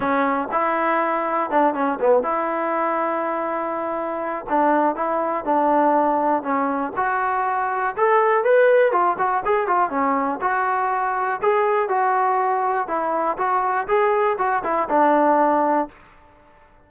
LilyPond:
\new Staff \with { instrumentName = "trombone" } { \time 4/4 \tempo 4 = 121 cis'4 e'2 d'8 cis'8 | b8 e'2.~ e'8~ | e'4 d'4 e'4 d'4~ | d'4 cis'4 fis'2 |
a'4 b'4 f'8 fis'8 gis'8 f'8 | cis'4 fis'2 gis'4 | fis'2 e'4 fis'4 | gis'4 fis'8 e'8 d'2 | }